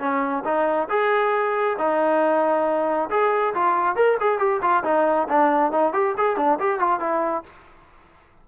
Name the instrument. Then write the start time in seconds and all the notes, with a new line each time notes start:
trombone
0.00 C#4
0.45 D#4
0.90 G#4
1.79 D#4
3.11 G#4
3.55 F4
3.96 A#4
4.21 G#4
4.39 G4
4.62 F4
4.84 D#4
5.29 D4
5.72 D#4
5.94 G4
6.18 G#4
6.37 D4
6.60 G4
6.80 F4
7.00 E4